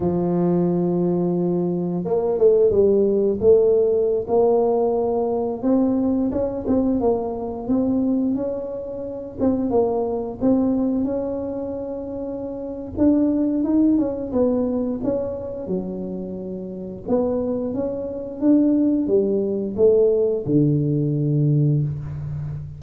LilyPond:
\new Staff \with { instrumentName = "tuba" } { \time 4/4 \tempo 4 = 88 f2. ais8 a8 | g4 a4~ a16 ais4.~ ais16~ | ais16 c'4 cis'8 c'8 ais4 c'8.~ | c'16 cis'4. c'8 ais4 c'8.~ |
c'16 cis'2~ cis'8. d'4 | dis'8 cis'8 b4 cis'4 fis4~ | fis4 b4 cis'4 d'4 | g4 a4 d2 | }